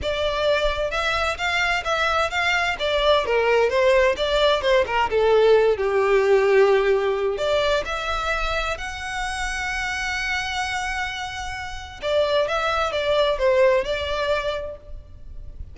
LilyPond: \new Staff \with { instrumentName = "violin" } { \time 4/4 \tempo 4 = 130 d''2 e''4 f''4 | e''4 f''4 d''4 ais'4 | c''4 d''4 c''8 ais'8 a'4~ | a'8 g'2.~ g'8 |
d''4 e''2 fis''4~ | fis''1~ | fis''2 d''4 e''4 | d''4 c''4 d''2 | }